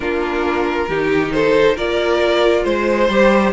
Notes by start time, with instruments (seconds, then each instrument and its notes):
0.00 cello A#3, viola D4, violin F4 A#4
0.88 cello D#3, viola D#4, violin G4
1.32 violin A4 C5
1.75 cello A#3, viola F4, violin A#4 D5
2.64 cello G#3, violin C5
3.08 cello G3, viola G4